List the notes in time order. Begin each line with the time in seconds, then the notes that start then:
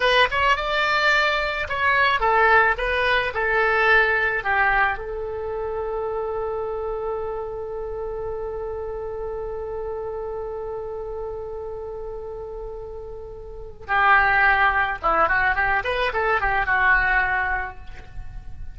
0.00 B4
0.31 C#5
0.56 D5
1.68 C#5
2.19 A4
2.77 B4
3.33 A4
4.43 G4
4.98 A4
13.87 G4
15.02 E4
15.28 F#4
15.55 G4
15.84 B4
16.13 A4
16.40 G4
16.65 F#4